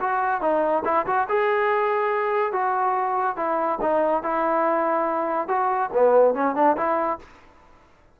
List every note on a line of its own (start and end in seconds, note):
0.00 0.41 F#4
0.41 0.83 D#4
0.85 1.06 E4
1.06 1.27 F#4
1.28 2.52 G#4
2.52 3.36 F#4
3.36 3.78 E4
3.81 4.23 D#4
4.23 5.48 E4
5.48 5.90 F#4
5.93 6.34 B3
6.34 6.55 C#4
6.55 6.76 D4
6.76 7.19 E4